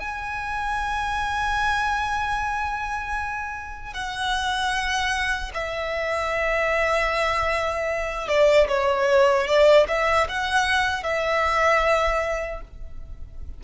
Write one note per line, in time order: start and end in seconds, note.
0.00 3.94 G#5
3.94 5.52 F#5
5.54 8.29 E5
8.29 8.68 D5
8.68 9.47 C#5
9.48 9.87 D5
9.89 10.28 E5
10.29 11.04 F#5
11.04 12.62 E5